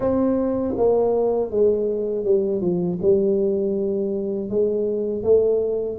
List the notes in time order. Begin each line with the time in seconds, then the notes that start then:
0.00 C4
0.76 A#3
1.50 G#3
2.24 G3
2.61 F3
3.02 G3
4.49 G#3
5.23 A3